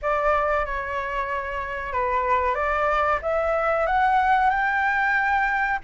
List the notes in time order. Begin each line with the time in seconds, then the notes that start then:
0.02 D5
0.65 C#5
1.92 B4
2.54 D5
3.21 E5
3.86 F#5
4.50 G5